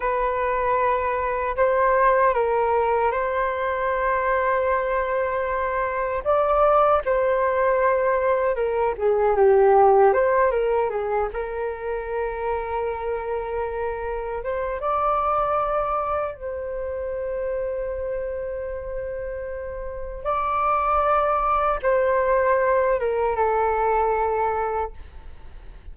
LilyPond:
\new Staff \with { instrumentName = "flute" } { \time 4/4 \tempo 4 = 77 b'2 c''4 ais'4 | c''1 | d''4 c''2 ais'8 gis'8 | g'4 c''8 ais'8 gis'8 ais'4.~ |
ais'2~ ais'8 c''8 d''4~ | d''4 c''2.~ | c''2 d''2 | c''4. ais'8 a'2 | }